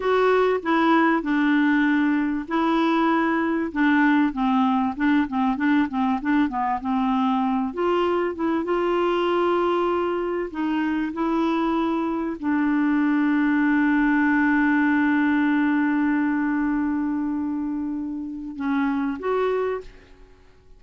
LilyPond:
\new Staff \with { instrumentName = "clarinet" } { \time 4/4 \tempo 4 = 97 fis'4 e'4 d'2 | e'2 d'4 c'4 | d'8 c'8 d'8 c'8 d'8 b8 c'4~ | c'8 f'4 e'8 f'2~ |
f'4 dis'4 e'2 | d'1~ | d'1~ | d'2 cis'4 fis'4 | }